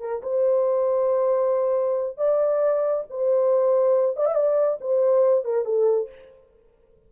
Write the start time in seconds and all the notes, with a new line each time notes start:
0.00 A#4
0.23 C5
2.18 D5
3.10 C5
4.17 D5
4.26 E5
4.35 D5
4.81 C5
5.45 A#4
5.65 A4